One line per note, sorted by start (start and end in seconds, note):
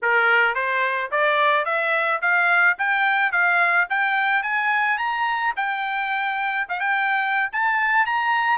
0.02 0.55 A#4
0.55 1.10 C5
1.11 1.65 D5
1.65 2.20 E5
2.21 2.77 F5
2.78 3.32 G5
3.32 3.87 F5
3.89 4.42 G5
4.42 4.97 G#5
4.97 5.53 A#5
5.56 6.67 G5
6.68 6.80 F5
6.80 7.49 G5
7.52 8.06 A5
8.06 8.58 A#5